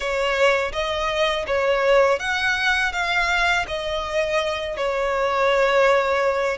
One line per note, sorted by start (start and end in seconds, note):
0.00 0.72 C#5
0.72 1.45 D#5
1.46 2.19 C#5
2.19 2.92 F#5
2.92 3.65 F5
3.67 4.76 D#5
4.76 6.57 C#5